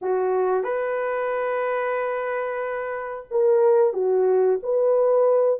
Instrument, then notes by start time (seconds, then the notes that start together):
horn
0.01 F#4
0.63 B4
3.30 A#4
3.93 F#4
4.62 B4